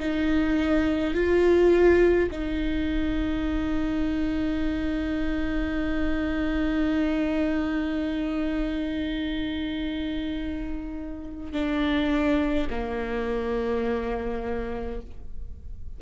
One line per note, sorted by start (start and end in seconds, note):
0.00 1.15 D#4
1.15 2.30 F4
2.31 11.53 D#4
11.53 12.68 D4
12.70 15.01 A#3